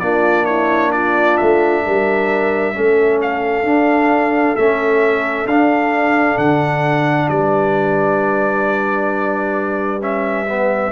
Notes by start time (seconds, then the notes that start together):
0.00 A#3 D4 F4 D5
0.46 E4 C#5
0.92 F4 D5
1.37 A3 E5
1.85 G3 A#4
2.74 A3 C#4 A4
3.22 F5
3.63 D4
4.56 A3 C#4 E5
5.46 D4 F5
6.38 D3 F#5
7.29 G3 B4 D5
10.01 C#4 E5
10.46 B3